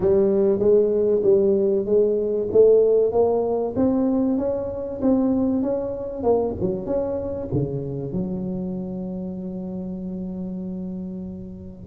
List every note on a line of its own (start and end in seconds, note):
0.00 0.59 G3
0.59 1.21 G#3
1.23 1.85 G3
1.85 2.48 G#3
2.51 3.12 A3
3.12 3.74 A#3
3.76 4.38 C4
4.38 5.00 C#4
5.01 5.62 C4
5.62 6.23 C#4
6.23 6.54 A#3
6.60 6.86 F#3
6.86 7.48 C#4
7.53 8.12 C#3
8.12 11.86 F#3